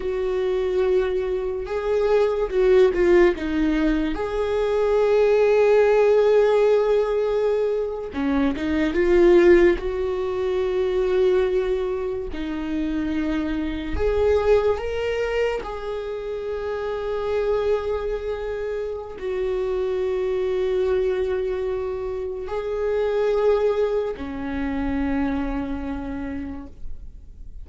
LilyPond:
\new Staff \with { instrumentName = "viola" } { \time 4/4 \tempo 4 = 72 fis'2 gis'4 fis'8 f'8 | dis'4 gis'2.~ | gis'4.~ gis'16 cis'8 dis'8 f'4 fis'16~ | fis'2~ fis'8. dis'4~ dis'16~ |
dis'8. gis'4 ais'4 gis'4~ gis'16~ | gis'2. fis'4~ | fis'2. gis'4~ | gis'4 cis'2. | }